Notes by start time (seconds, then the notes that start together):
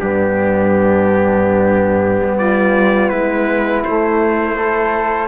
0.00 G2 B3 D4 G4
2.22 G3
2.38 F4 D5
3.09 G#3 E4 B4
3.84 A3 C5
4.56 E4 A4